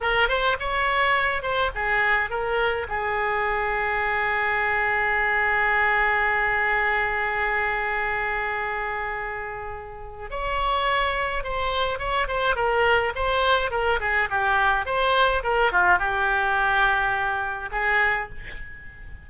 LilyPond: \new Staff \with { instrumentName = "oboe" } { \time 4/4 \tempo 4 = 105 ais'8 c''8 cis''4. c''8 gis'4 | ais'4 gis'2.~ | gis'1~ | gis'1~ |
gis'2 cis''2 | c''4 cis''8 c''8 ais'4 c''4 | ais'8 gis'8 g'4 c''4 ais'8 f'8 | g'2. gis'4 | }